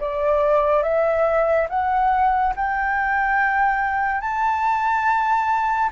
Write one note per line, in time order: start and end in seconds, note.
0.00 0.83 D5
0.83 1.67 E5
1.69 2.54 F#5
2.56 4.21 G5
4.21 5.90 A5